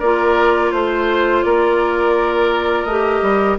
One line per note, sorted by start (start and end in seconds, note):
0.00 0.72 A#3
0.00 2.90 F4
0.00 0.71 A#4
0.00 0.72 D5
0.72 1.44 A3
0.72 1.43 C5
0.72 1.46 C5
1.43 2.85 A#3
1.43 3.59 A#4
1.43 2.85 D5
2.85 3.21 A3
2.85 3.59 G4
2.85 3.56 D#5
3.22 3.58 G3